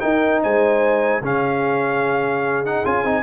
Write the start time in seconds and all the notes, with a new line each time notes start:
0.00 D#4 A#4 G5
0.42 G#3 C5 G#5
1.21 C#3 C#4 G#4 F5
2.65 D#4 F#5
2.85 C#4 F4 G#5
3.04 C4 D#4